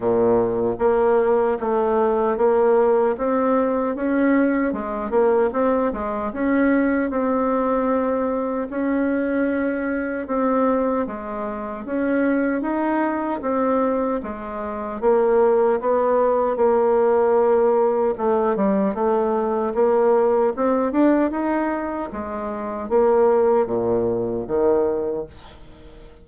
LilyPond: \new Staff \with { instrumentName = "bassoon" } { \time 4/4 \tempo 4 = 76 ais,4 ais4 a4 ais4 | c'4 cis'4 gis8 ais8 c'8 gis8 | cis'4 c'2 cis'4~ | cis'4 c'4 gis4 cis'4 |
dis'4 c'4 gis4 ais4 | b4 ais2 a8 g8 | a4 ais4 c'8 d'8 dis'4 | gis4 ais4 ais,4 dis4 | }